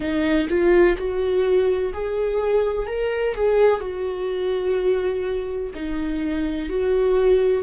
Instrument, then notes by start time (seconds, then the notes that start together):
viola
0.00 D#4
0.48 F4
0.97 F#4
1.93 G#4
2.87 A#4
3.34 G#4
3.80 F#4
5.74 D#4
6.69 F#4